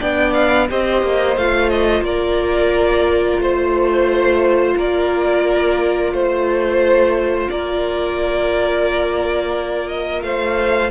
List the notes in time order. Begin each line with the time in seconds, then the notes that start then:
0.00 B3 D4 D5 G5
0.34 F5
0.69 C4 G4 C5 D#5
1.03 A#3
1.37 A3 F4 F5
1.69 D#5
2.02 A#3 A#4 D5
3.38 A3 C5
4.77 A#3 A#4 D5
6.12 A3 C5
7.50 A#3 A#4 D5
9.88 D#5
10.22 A3 C5 F5